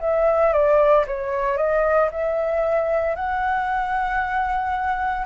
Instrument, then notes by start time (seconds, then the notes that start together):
flute
0.00 E5
0.53 D5
1.07 C#5
1.57 D#5
2.11 E5
3.15 F#5